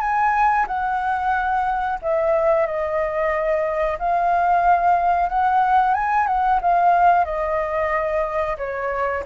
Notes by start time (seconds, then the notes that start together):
0.00 G#5
0.67 F#5
2.02 E5
2.66 D#5
3.99 F5
5.29 F#5
5.94 G#5
6.27 F#5
6.61 F5
7.25 D#5
8.57 C#5